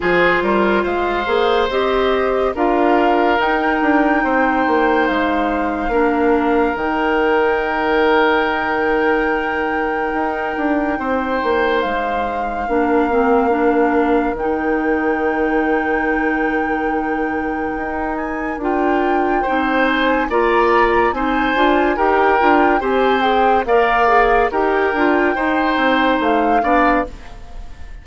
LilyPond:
<<
  \new Staff \with { instrumentName = "flute" } { \time 4/4 \tempo 4 = 71 c''4 f''4 dis''4 f''4 | g''2 f''2 | g''1~ | g''2 f''2~ |
f''4 g''2.~ | g''4. gis''8 g''4. gis''8 | ais''4 gis''4 g''4 gis''8 g''8 | f''4 g''2 f''4 | }
  \new Staff \with { instrumentName = "oboe" } { \time 4/4 gis'8 ais'8 c''2 ais'4~ | ais'4 c''2 ais'4~ | ais'1~ | ais'4 c''2 ais'4~ |
ais'1~ | ais'2. c''4 | d''4 c''4 ais'4 c''4 | d''4 ais'4 c''4. d''8 | }
  \new Staff \with { instrumentName = "clarinet" } { \time 4/4 f'4. gis'8 g'4 f'4 | dis'2. d'4 | dis'1~ | dis'2. d'8 c'8 |
d'4 dis'2.~ | dis'2 f'4 dis'4 | f'4 dis'8 f'8 g'8 f'8 g'8 gis'8 | ais'8 gis'8 g'8 f'8 dis'4. d'8 | }
  \new Staff \with { instrumentName = "bassoon" } { \time 4/4 f8 g8 gis8 ais8 c'4 d'4 | dis'8 d'8 c'8 ais8 gis4 ais4 | dis1 | dis'8 d'8 c'8 ais8 gis4 ais4~ |
ais4 dis2.~ | dis4 dis'4 d'4 c'4 | ais4 c'8 d'8 dis'8 d'8 c'4 | ais4 dis'8 d'8 dis'8 c'8 a8 b8 | }
>>